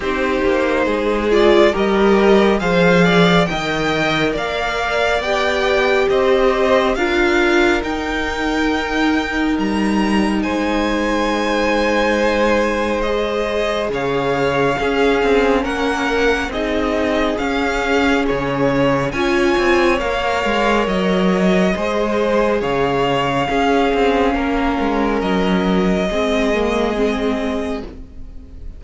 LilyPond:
<<
  \new Staff \with { instrumentName = "violin" } { \time 4/4 \tempo 4 = 69 c''4. d''8 dis''4 f''4 | g''4 f''4 g''4 dis''4 | f''4 g''2 ais''4 | gis''2. dis''4 |
f''2 fis''4 dis''4 | f''4 cis''4 gis''4 f''4 | dis''2 f''2~ | f''4 dis''2. | }
  \new Staff \with { instrumentName = "violin" } { \time 4/4 g'4 gis'4 ais'4 c''8 d''8 | dis''4 d''2 c''4 | ais'1 | c''1 |
cis''4 gis'4 ais'4 gis'4~ | gis'2 cis''2~ | cis''4 c''4 cis''4 gis'4 | ais'2 gis'2 | }
  \new Staff \with { instrumentName = "viola" } { \time 4/4 dis'4. f'8 g'4 gis'4 | ais'2 g'2 | f'4 dis'2.~ | dis'2. gis'4~ |
gis'4 cis'2 dis'4 | cis'2 f'4 ais'4~ | ais'4 gis'2 cis'4~ | cis'2 c'8 ais8 c'4 | }
  \new Staff \with { instrumentName = "cello" } { \time 4/4 c'8 ais8 gis4 g4 f4 | dis4 ais4 b4 c'4 | d'4 dis'2 g4 | gis1 |
cis4 cis'8 c'8 ais4 c'4 | cis'4 cis4 cis'8 c'8 ais8 gis8 | fis4 gis4 cis4 cis'8 c'8 | ais8 gis8 fis4 gis2 | }
>>